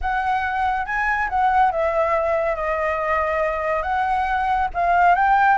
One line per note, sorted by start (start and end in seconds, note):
0.01 0.85 F#5
0.85 1.28 G#5
1.29 1.71 F#5
1.71 2.55 E5
2.55 3.82 D#5
3.82 4.68 F#5
4.74 5.15 F5
5.15 5.58 G5